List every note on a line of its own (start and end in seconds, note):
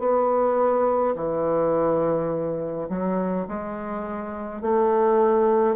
0.00 1.15 B3
1.16 2.89 E3
2.90 3.47 F#3
3.48 4.62 G#3
4.62 5.76 A3